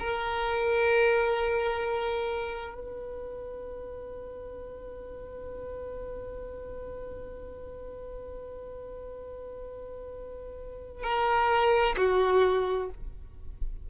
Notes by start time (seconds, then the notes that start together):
0.00 A#4
2.75 B4
11.04 A#4
11.97 F#4